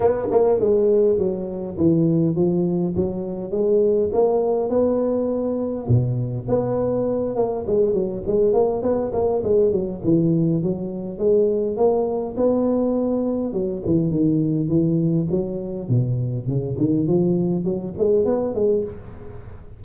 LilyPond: \new Staff \with { instrumentName = "tuba" } { \time 4/4 \tempo 4 = 102 b8 ais8 gis4 fis4 e4 | f4 fis4 gis4 ais4 | b2 b,4 b4~ | b8 ais8 gis8 fis8 gis8 ais8 b8 ais8 |
gis8 fis8 e4 fis4 gis4 | ais4 b2 fis8 e8 | dis4 e4 fis4 b,4 | cis8 dis8 f4 fis8 gis8 b8 gis8 | }